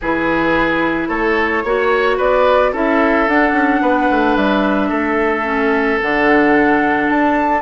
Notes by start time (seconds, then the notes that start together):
0.01 E3 E4 G#4 B4
1.08 A3 A4 C#5
1.63 A#3 F#4 C#5
2.17 B3 B4 D5
2.72 C#4 E4 A4 E5
3.28 D4 F#5
3.52 C#4
3.81 B3 B4
4.10 A3
4.36 G3 E5
4.89 A3 A4
5.43 C#4
6.01 D3 D4 F#5
7.09 D4 A5